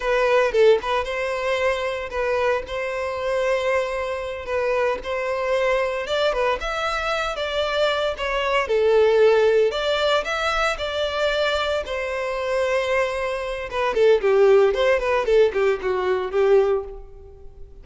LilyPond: \new Staff \with { instrumentName = "violin" } { \time 4/4 \tempo 4 = 114 b'4 a'8 b'8 c''2 | b'4 c''2.~ | c''8 b'4 c''2 d''8 | b'8 e''4. d''4. cis''8~ |
cis''8 a'2 d''4 e''8~ | e''8 d''2 c''4.~ | c''2 b'8 a'8 g'4 | c''8 b'8 a'8 g'8 fis'4 g'4 | }